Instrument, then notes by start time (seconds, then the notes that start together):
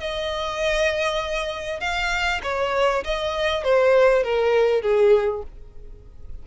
violin
0.00 D#5
1.80 F5
2.43 C#5
3.04 D#5
3.64 C5
4.23 A#4
4.82 G#4